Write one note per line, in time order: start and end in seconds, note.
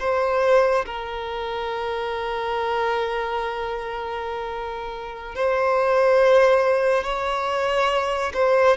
0.00 0.86 C5
0.86 5.35 A#4
5.35 7.04 C5
7.04 8.33 C#5
8.34 8.77 C5